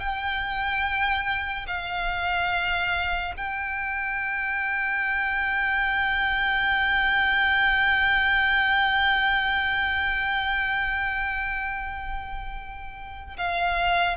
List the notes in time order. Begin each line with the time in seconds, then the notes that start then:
0.00 G5
1.68 F5
3.37 G5
13.37 F5